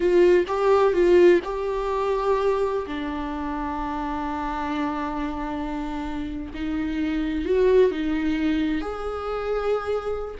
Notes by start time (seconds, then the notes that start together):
0.00 F4
0.47 G4
0.93 F4
1.44 G4
2.86 D4
6.54 D#4
7.45 F#4
7.91 D#4
8.81 G#4